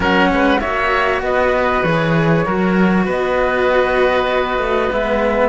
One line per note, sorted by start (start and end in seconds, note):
0.00 0.30 F#3
0.00 0.58 C#4
0.00 0.28 A#4
0.00 0.60 F#5
0.31 0.62 G#3
0.31 0.60 B4
0.60 1.21 A#3
0.60 1.83 F#4
0.60 1.21 C#5
0.60 1.21 E5
1.21 1.82 B3
1.21 2.45 B4
1.21 1.83 D#5
1.83 2.44 E3
1.83 2.45 G#4
1.83 3.05 C#5
2.45 3.06 F#3
2.45 4.90 F#4
2.45 3.05 A#4
3.05 4.57 B3
3.05 5.48 B4
3.05 4.92 D#5
4.57 4.88 A3
4.91 5.48 G#3
4.91 5.48 B3
4.91 5.48 E5